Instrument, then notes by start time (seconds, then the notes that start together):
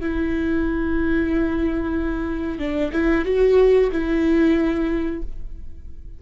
viola
0.00 E4
2.59 D4
2.92 E4
3.25 F#4
3.92 E4